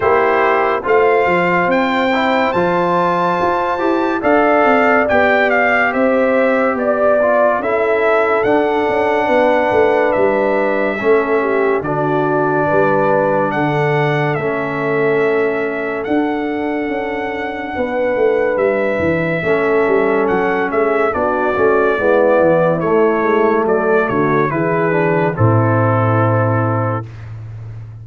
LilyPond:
<<
  \new Staff \with { instrumentName = "trumpet" } { \time 4/4 \tempo 4 = 71 c''4 f''4 g''4 a''4~ | a''4 f''4 g''8 f''8 e''4 | d''4 e''4 fis''2 | e''2 d''2 |
fis''4 e''2 fis''4~ | fis''2 e''2 | fis''8 e''8 d''2 cis''4 | d''8 cis''8 b'4 a'2 | }
  \new Staff \with { instrumentName = "horn" } { \time 4/4 g'4 c''2.~ | c''4 d''2 c''4 | d''4 a'2 b'4~ | b'4 a'8 g'8 fis'4 b'4 |
a'1~ | a'4 b'2 a'4~ | a'8 gis'8 fis'4 e'2 | a'8 fis'8 gis'4 e'2 | }
  \new Staff \with { instrumentName = "trombone" } { \time 4/4 e'4 f'4. e'8 f'4~ | f'8 g'8 a'4 g'2~ | g'8 f'8 e'4 d'2~ | d'4 cis'4 d'2~ |
d'4 cis'2 d'4~ | d'2. cis'4~ | cis'4 d'8 cis'8 b4 a4~ | a4 e'8 d'8 c'2 | }
  \new Staff \with { instrumentName = "tuba" } { \time 4/4 ais4 a8 f8 c'4 f4 | f'8 e'8 d'8 c'8 b4 c'4 | b4 cis'4 d'8 cis'8 b8 a8 | g4 a4 d4 g4 |
d4 a2 d'4 | cis'4 b8 a8 g8 e8 a8 g8 | fis8 a8 b8 a8 gis8 e8 a8 gis8 | fis8 d8 e4 a,2 | }
>>